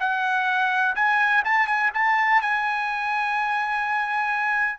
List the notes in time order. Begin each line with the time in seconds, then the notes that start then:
0.00 F#5
0.96 G#5
1.45 A5
1.67 G#5
1.94 A5
2.42 G#5